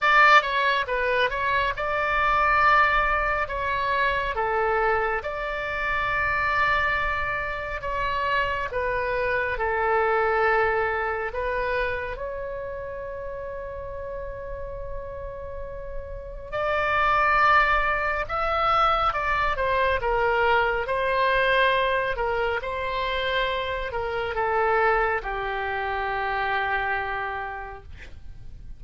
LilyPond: \new Staff \with { instrumentName = "oboe" } { \time 4/4 \tempo 4 = 69 d''8 cis''8 b'8 cis''8 d''2 | cis''4 a'4 d''2~ | d''4 cis''4 b'4 a'4~ | a'4 b'4 cis''2~ |
cis''2. d''4~ | d''4 e''4 d''8 c''8 ais'4 | c''4. ais'8 c''4. ais'8 | a'4 g'2. | }